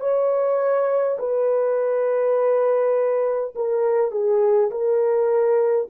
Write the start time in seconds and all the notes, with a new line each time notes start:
0.00 C#5
1.19 B4
3.55 A#4
4.12 G#4
4.71 A#4